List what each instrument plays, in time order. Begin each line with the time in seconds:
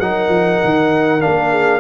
0.00 tuba F#3, trombone D#4, horn A#4, trumpet F#5
0.28 tuba F3
0.64 tuba D#3
1.20 trombone D4, trumpet F5
1.26 tuba A#3
1.51 horn G#4